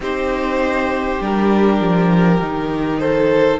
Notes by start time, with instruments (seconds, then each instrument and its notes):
0.00 cello C4, viola D#4, violin G4 C5
1.20 cello G3, viola D4, violin A#4
1.80 cello F3
2.41 cello D#3, viola D#4
2.99 violin A4 C5